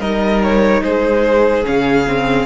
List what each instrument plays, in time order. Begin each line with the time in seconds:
0.00 cello G3, viola D#4, violin A#4 D#5
0.43 violin C#5
0.83 cello G#3, violin G#4 C5
1.64 cello C#3, viola C#4, violin F5
2.08 viola C4